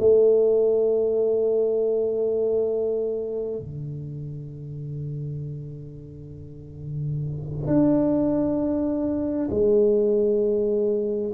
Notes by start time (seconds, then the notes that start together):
0.00 A3
3.60 D3
7.67 D4
9.51 G#3